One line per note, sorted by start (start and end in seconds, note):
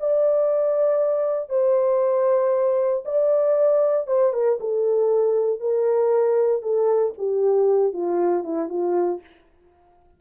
0.00 1.50 D5
1.50 3.04 C5
3.05 4.07 D5
4.07 4.33 C5
4.33 4.59 A#4
4.61 5.61 A4
5.61 6.63 A#4
6.63 7.14 A4
7.18 7.93 G4
7.93 8.44 F4
8.44 8.69 E4
8.69 9.21 F4